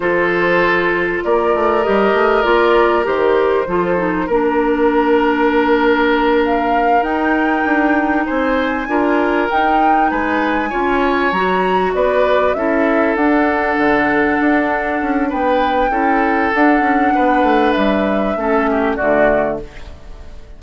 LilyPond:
<<
  \new Staff \with { instrumentName = "flute" } { \time 4/4 \tempo 4 = 98 c''2 d''4 dis''4 | d''4 c''2 ais'4~ | ais'2~ ais'8 f''4 g''8~ | g''4. gis''2 g''8~ |
g''8 gis''2 ais''4 d''8~ | d''8 e''4 fis''2~ fis''8~ | fis''4 g''2 fis''4~ | fis''4 e''2 d''4 | }
  \new Staff \with { instrumentName = "oboe" } { \time 4/4 a'2 ais'2~ | ais'2 a'4 ais'4~ | ais'1~ | ais'4. c''4 ais'4.~ |
ais'8 b'4 cis''2 b'8~ | b'8 a'2.~ a'8~ | a'4 b'4 a'2 | b'2 a'8 g'8 fis'4 | }
  \new Staff \with { instrumentName = "clarinet" } { \time 4/4 f'2. g'4 | f'4 g'4 f'8 dis'8 d'4~ | d'2.~ d'8 dis'8~ | dis'2~ dis'8 f'4 dis'8~ |
dis'4. f'4 fis'4.~ | fis'8 e'4 d'2~ d'8~ | d'2 e'4 d'4~ | d'2 cis'4 a4 | }
  \new Staff \with { instrumentName = "bassoon" } { \time 4/4 f2 ais8 a8 g8 a8 | ais4 dis4 f4 ais4~ | ais2.~ ais8 dis'8~ | dis'8 d'4 c'4 d'4 dis'8~ |
dis'8 gis4 cis'4 fis4 b8~ | b8 cis'4 d'4 d4 d'8~ | d'8 cis'8 b4 cis'4 d'8 cis'8 | b8 a8 g4 a4 d4 | }
>>